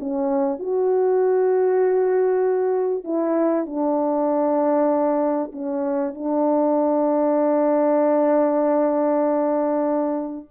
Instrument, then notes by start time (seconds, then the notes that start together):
horn
0.00 C#4
0.60 F#4
3.04 E4
3.67 D4
5.53 C#4
6.15 D4